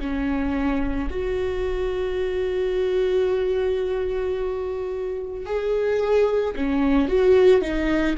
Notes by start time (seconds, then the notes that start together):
0.00 C#4
1.11 F#4
5.46 G#4
6.56 C#4
7.09 F#4
7.62 D#4